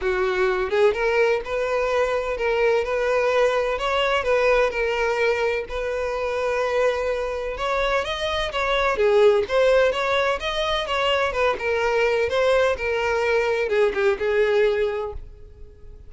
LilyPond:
\new Staff \with { instrumentName = "violin" } { \time 4/4 \tempo 4 = 127 fis'4. gis'8 ais'4 b'4~ | b'4 ais'4 b'2 | cis''4 b'4 ais'2 | b'1 |
cis''4 dis''4 cis''4 gis'4 | c''4 cis''4 dis''4 cis''4 | b'8 ais'4. c''4 ais'4~ | ais'4 gis'8 g'8 gis'2 | }